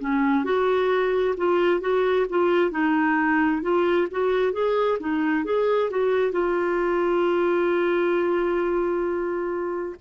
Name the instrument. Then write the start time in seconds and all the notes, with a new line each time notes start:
clarinet
0.00 C#4
0.44 F#4
1.37 F4
1.81 F#4
2.30 F4
2.71 D#4
3.62 F4
4.11 F#4
4.52 G#4
5.00 D#4
5.45 G#4
5.90 F#4
6.32 F4